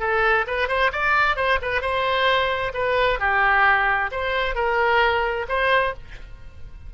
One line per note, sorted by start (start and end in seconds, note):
0.00 0.45 A4
0.47 0.68 B4
0.68 0.91 C5
0.92 1.36 D5
1.36 1.59 C5
1.62 1.82 B4
1.82 2.73 C5
2.74 3.19 B4
3.20 4.11 G4
4.12 4.55 C5
4.55 5.46 A#4
5.49 5.94 C5